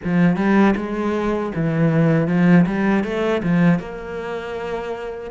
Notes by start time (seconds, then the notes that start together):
0.03 F3
0.36 G3
0.76 G#3
1.55 E3
2.27 F3
2.66 G3
3.03 A3
3.42 F3
3.79 A#3